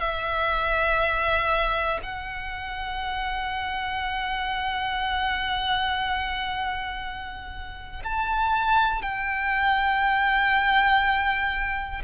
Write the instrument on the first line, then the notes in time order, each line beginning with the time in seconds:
violin
0.00 E5
2.03 F#5
8.05 A5
9.02 G5